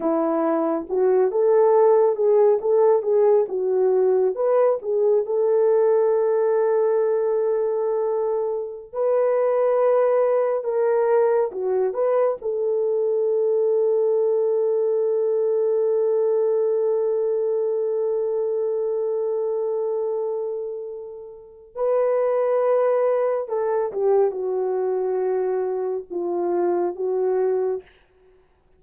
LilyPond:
\new Staff \with { instrumentName = "horn" } { \time 4/4 \tempo 4 = 69 e'4 fis'8 a'4 gis'8 a'8 gis'8 | fis'4 b'8 gis'8 a'2~ | a'2~ a'16 b'4.~ b'16~ | b'16 ais'4 fis'8 b'8 a'4.~ a'16~ |
a'1~ | a'1~ | a'4 b'2 a'8 g'8 | fis'2 f'4 fis'4 | }